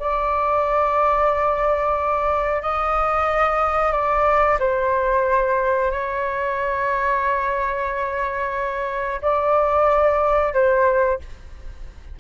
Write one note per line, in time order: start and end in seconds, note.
0.00 2.62 D5
2.62 3.93 D#5
3.93 4.59 D5
4.60 5.92 C5
5.92 9.21 C#5
9.22 10.54 D5
10.54 11.20 C5